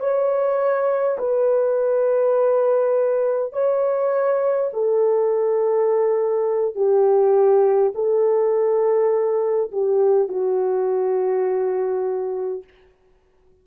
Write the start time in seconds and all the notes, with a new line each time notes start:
0.00 C#5
1.18 B4
3.53 C#5
4.73 A4
6.75 G4
7.95 A4
9.72 G4
10.28 F#4